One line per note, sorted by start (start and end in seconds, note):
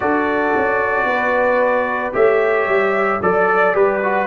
0.00 0.54 D4
0.00 2.12 F#4
0.00 1.07 A4
0.00 2.13 D5
0.56 1.04 C#4
1.04 2.11 B3
1.04 2.14 B4
2.12 2.66 A3
2.12 3.19 G4
2.12 3.21 C#5
2.12 3.21 E5
2.66 3.20 G3
3.21 3.75 F#3
3.21 3.73 A4
3.21 3.75 D5
3.21 4.26 D5
3.73 4.26 G3
3.73 4.00 G4
3.73 4.26 B4
4.02 4.26 F#4